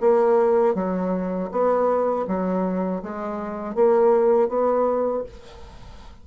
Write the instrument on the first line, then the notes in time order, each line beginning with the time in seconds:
bassoon
0.00 A#3
0.75 F#3
1.51 B3
2.27 F#3
3.02 G#3
3.75 A#3
4.49 B3